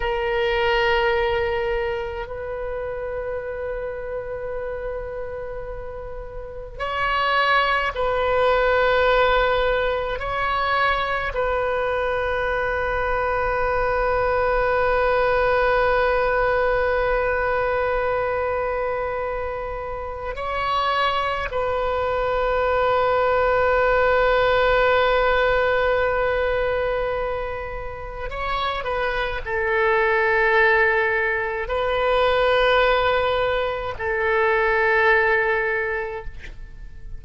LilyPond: \new Staff \with { instrumentName = "oboe" } { \time 4/4 \tempo 4 = 53 ais'2 b'2~ | b'2 cis''4 b'4~ | b'4 cis''4 b'2~ | b'1~ |
b'2 cis''4 b'4~ | b'1~ | b'4 cis''8 b'8 a'2 | b'2 a'2 | }